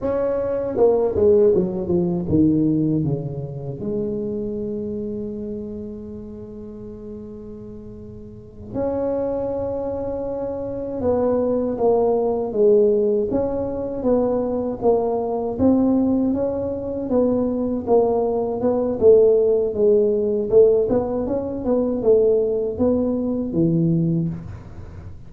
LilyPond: \new Staff \with { instrumentName = "tuba" } { \time 4/4 \tempo 4 = 79 cis'4 ais8 gis8 fis8 f8 dis4 | cis4 gis2.~ | gis2.~ gis8 cis'8~ | cis'2~ cis'8 b4 ais8~ |
ais8 gis4 cis'4 b4 ais8~ | ais8 c'4 cis'4 b4 ais8~ | ais8 b8 a4 gis4 a8 b8 | cis'8 b8 a4 b4 e4 | }